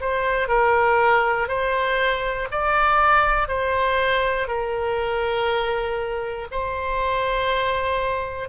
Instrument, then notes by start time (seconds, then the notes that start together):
oboe
0.00 C5
0.48 A#4
1.48 C5
2.51 D5
3.48 C5
4.47 A#4
6.51 C5